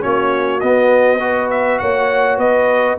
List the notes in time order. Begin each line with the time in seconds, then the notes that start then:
0.00 A#3 C#4 F#4 C#5
0.60 B3 D#5
1.20 F#4 B4
1.50 E5
1.78 A#3 C#5 F#5
2.37 B3 B4 D#5